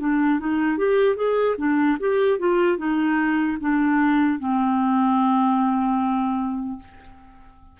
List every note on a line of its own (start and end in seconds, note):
0.00 0.40 D4
0.40 0.78 D#4
0.78 1.16 G4
1.16 1.56 G#4
1.58 1.98 D4
2.00 2.39 G4
2.39 2.77 F4
2.77 3.57 D#4
3.61 4.39 D4
4.39 6.79 C4